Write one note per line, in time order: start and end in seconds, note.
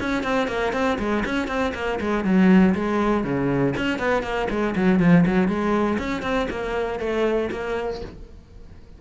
0.00 0.23 C#4
0.23 0.48 C4
0.48 0.73 A#3
0.73 0.98 C4
0.99 1.24 G#3
1.25 1.48 C#4
1.48 1.73 C4
1.74 1.99 A#3
2.00 2.24 G#3
2.24 2.74 F#3
2.75 3.24 G#3
3.24 3.74 C#3
3.77 3.99 C#4
3.99 4.23 B3
4.23 4.48 A#3
4.50 4.75 G#3
4.76 5.00 F#3
5.00 5.25 F3
5.26 5.48 F#3
5.48 5.98 G#3
5.98 6.22 C#4
6.22 6.47 C4
6.50 7.00 A#3
7.00 7.50 A3
7.51 8.01 A#3